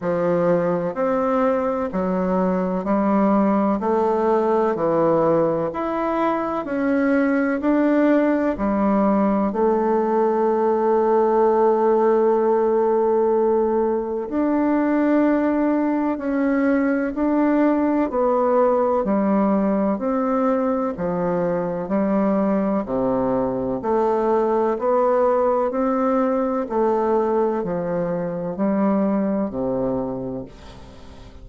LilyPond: \new Staff \with { instrumentName = "bassoon" } { \time 4/4 \tempo 4 = 63 f4 c'4 fis4 g4 | a4 e4 e'4 cis'4 | d'4 g4 a2~ | a2. d'4~ |
d'4 cis'4 d'4 b4 | g4 c'4 f4 g4 | c4 a4 b4 c'4 | a4 f4 g4 c4 | }